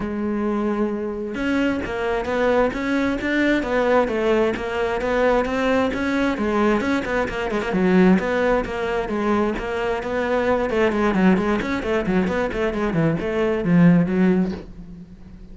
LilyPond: \new Staff \with { instrumentName = "cello" } { \time 4/4 \tempo 4 = 132 gis2. cis'4 | ais4 b4 cis'4 d'4 | b4 a4 ais4 b4 | c'4 cis'4 gis4 cis'8 b8 |
ais8 gis16 ais16 fis4 b4 ais4 | gis4 ais4 b4. a8 | gis8 fis8 gis8 cis'8 a8 fis8 b8 a8 | gis8 e8 a4 f4 fis4 | }